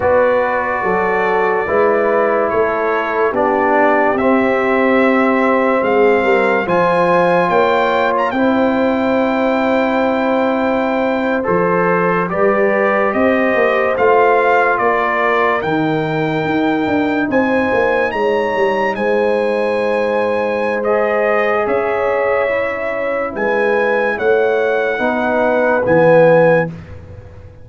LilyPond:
<<
  \new Staff \with { instrumentName = "trumpet" } { \time 4/4 \tempo 4 = 72 d''2. cis''4 | d''4 e''2 f''4 | gis''4 g''8. ais''16 g''2~ | g''4.~ g''16 c''4 d''4 dis''16~ |
dis''8. f''4 d''4 g''4~ g''16~ | g''8. gis''4 ais''4 gis''4~ gis''16~ | gis''4 dis''4 e''2 | gis''4 fis''2 gis''4 | }
  \new Staff \with { instrumentName = "horn" } { \time 4/4 b'4 a'4 b'4 a'4 | g'2. gis'8 ais'8 | c''4 cis''4 c''2~ | c''2~ c''8. b'4 c''16~ |
c''4.~ c''16 ais'2~ ais'16~ | ais'8. c''4 cis''4 c''4~ c''16~ | c''2 cis''2 | b'4 cis''4 b'2 | }
  \new Staff \with { instrumentName = "trombone" } { \time 4/4 fis'2 e'2 | d'4 c'2. | f'2 e'2~ | e'4.~ e'16 a'4 g'4~ g'16~ |
g'8. f'2 dis'4~ dis'16~ | dis'1~ | dis'4 gis'2 e'4~ | e'2 dis'4 b4 | }
  \new Staff \with { instrumentName = "tuba" } { \time 4/4 b4 fis4 gis4 a4 | b4 c'2 gis8 g8 | f4 ais4 c'2~ | c'4.~ c'16 f4 g4 c'16~ |
c'16 ais8 a4 ais4 dis4 dis'16~ | dis'16 d'8 c'8 ais8 gis8 g8 gis4~ gis16~ | gis2 cis'2 | gis4 a4 b4 e4 | }
>>